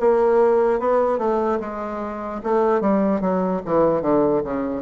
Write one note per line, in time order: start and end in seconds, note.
0.00 0.79 A#3
0.79 1.18 B3
1.18 1.59 A3
1.60 2.41 G#3
2.43 2.81 A3
2.81 3.20 G3
3.20 3.61 F#3
3.65 4.01 E3
4.01 4.42 D3
4.44 4.82 C#3